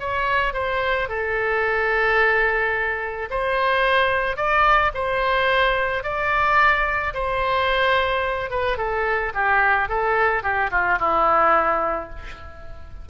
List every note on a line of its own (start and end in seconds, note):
0.00 0.54 C#5
0.54 1.09 C5
1.09 3.29 A4
3.31 4.37 C5
4.37 4.92 D5
4.95 6.04 C5
6.04 7.14 D5
7.14 8.51 C5
8.51 8.78 B4
8.78 9.33 A4
9.35 9.89 G4
9.89 10.43 A4
10.43 10.71 G4
10.71 10.99 F4
10.99 12.10 E4